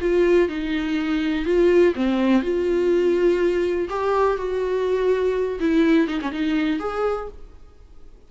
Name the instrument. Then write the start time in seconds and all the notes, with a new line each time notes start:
viola
0.00 F4
0.48 D#4
1.45 F4
1.94 C4
2.42 F4
3.89 G4
4.37 F#4
5.59 E4
6.07 D#4
6.21 C#4
6.31 D#4
6.79 G#4